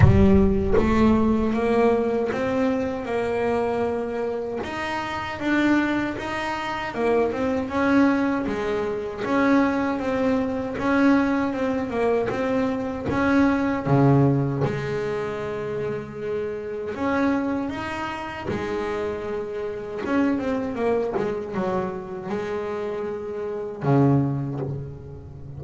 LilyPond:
\new Staff \with { instrumentName = "double bass" } { \time 4/4 \tempo 4 = 78 g4 a4 ais4 c'4 | ais2 dis'4 d'4 | dis'4 ais8 c'8 cis'4 gis4 | cis'4 c'4 cis'4 c'8 ais8 |
c'4 cis'4 cis4 gis4~ | gis2 cis'4 dis'4 | gis2 cis'8 c'8 ais8 gis8 | fis4 gis2 cis4 | }